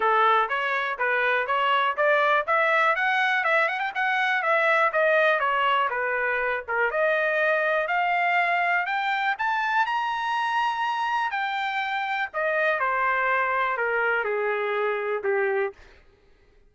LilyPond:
\new Staff \with { instrumentName = "trumpet" } { \time 4/4 \tempo 4 = 122 a'4 cis''4 b'4 cis''4 | d''4 e''4 fis''4 e''8 fis''16 g''16 | fis''4 e''4 dis''4 cis''4 | b'4. ais'8 dis''2 |
f''2 g''4 a''4 | ais''2. g''4~ | g''4 dis''4 c''2 | ais'4 gis'2 g'4 | }